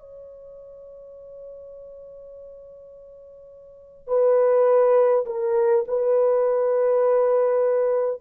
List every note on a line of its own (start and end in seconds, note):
0.00 4.07 C#5
4.07 5.25 B4
5.26 5.84 A#4
5.88 8.21 B4